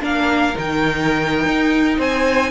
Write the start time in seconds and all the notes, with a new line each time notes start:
0.00 A#3 D4 A#4 F5
0.56 D#3 D#4 G5
1.45 D#4
1.98 C4 C5 G#5